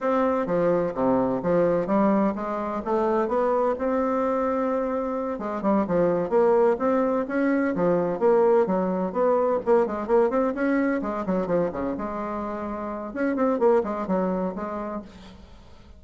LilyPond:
\new Staff \with { instrumentName = "bassoon" } { \time 4/4 \tempo 4 = 128 c'4 f4 c4 f4 | g4 gis4 a4 b4 | c'2.~ c'8 gis8 | g8 f4 ais4 c'4 cis'8~ |
cis'8 f4 ais4 fis4 b8~ | b8 ais8 gis8 ais8 c'8 cis'4 gis8 | fis8 f8 cis8 gis2~ gis8 | cis'8 c'8 ais8 gis8 fis4 gis4 | }